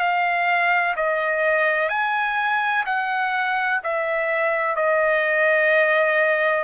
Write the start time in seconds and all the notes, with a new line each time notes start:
0.00 F5
0.97 D#5
1.90 G#5
2.86 F#5
3.84 E5
4.76 D#5